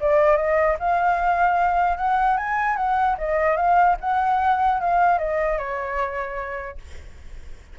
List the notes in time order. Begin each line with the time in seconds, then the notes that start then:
0.00 D5
0.36 D#5
0.79 F5
1.97 F#5
2.37 G#5
2.76 F#5
3.18 D#5
3.56 F5
4.00 F#5
4.80 F5
5.18 D#5
5.58 C#5